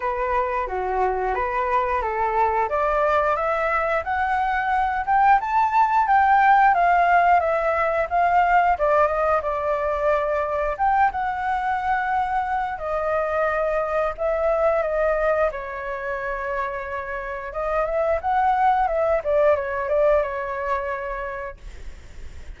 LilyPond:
\new Staff \with { instrumentName = "flute" } { \time 4/4 \tempo 4 = 89 b'4 fis'4 b'4 a'4 | d''4 e''4 fis''4. g''8 | a''4 g''4 f''4 e''4 | f''4 d''8 dis''8 d''2 |
g''8 fis''2~ fis''8 dis''4~ | dis''4 e''4 dis''4 cis''4~ | cis''2 dis''8 e''8 fis''4 | e''8 d''8 cis''8 d''8 cis''2 | }